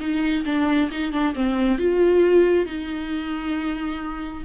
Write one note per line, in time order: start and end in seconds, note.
0.00 0.44 D#4
0.45 0.90 D4
0.91 1.12 D#4
1.12 1.35 D4
1.35 1.78 C4
1.78 2.66 F4
2.66 4.44 D#4